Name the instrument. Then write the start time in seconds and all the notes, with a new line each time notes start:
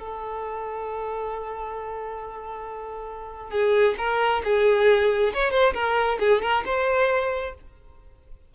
violin
0.00 A4
3.51 G#4
3.98 A#4
4.45 G#4
5.34 C#5
5.52 C5
5.74 A#4
6.20 G#4
6.42 A#4
6.66 C5